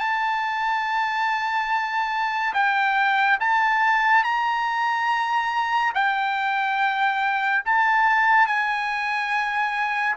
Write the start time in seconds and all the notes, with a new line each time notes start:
0.00 A5
2.54 G5
3.40 A5
4.24 A#5
5.95 G5
7.66 A5
8.47 G#5